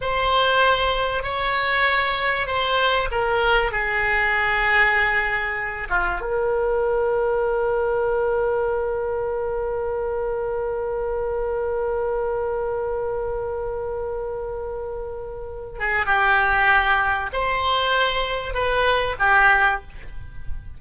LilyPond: \new Staff \with { instrumentName = "oboe" } { \time 4/4 \tempo 4 = 97 c''2 cis''2 | c''4 ais'4 gis'2~ | gis'4. f'8 ais'2~ | ais'1~ |
ais'1~ | ais'1~ | ais'4. gis'8 g'2 | c''2 b'4 g'4 | }